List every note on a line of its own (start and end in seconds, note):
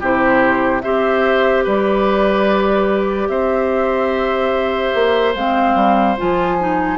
0.00 0.83 C3
0.00 0.83 E4
0.00 0.82 G4
0.00 0.81 C5
0.81 1.66 C4
0.81 5.35 G4
0.81 1.64 C5
0.81 1.63 E5
1.64 3.28 G3
1.64 3.28 B4
1.64 3.28 D5
3.28 4.93 C4
3.28 6.98 C5
3.28 5.34 E5
4.94 5.35 A#3
5.35 5.75 G#3
5.35 6.17 C4
5.35 6.17 F5
5.75 6.16 G3
6.17 6.98 F3
6.17 6.58 F4
6.17 6.98 G#5
6.59 6.98 D#4